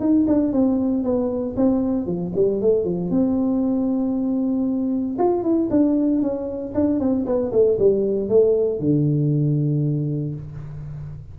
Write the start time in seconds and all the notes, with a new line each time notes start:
0.00 D#4
0.27 D4
0.53 C4
1.04 B3
1.57 C4
2.06 F3
2.35 G3
2.61 A3
2.84 F3
3.11 C4
5.18 F4
5.43 E4
5.70 D4
6.22 C#4
6.75 D4
7.00 C4
7.26 B3
7.52 A3
7.79 G3
8.29 A3
8.80 D3